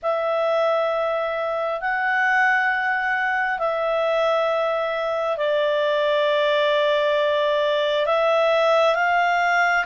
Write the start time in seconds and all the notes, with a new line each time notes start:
0.02 E5
1.80 F#5
3.58 E5
5.37 D5
8.06 E5
8.95 F5